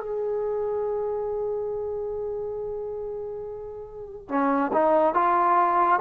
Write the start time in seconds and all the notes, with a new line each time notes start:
0.00 G#4
4.29 C#4
4.73 D#4
5.14 F4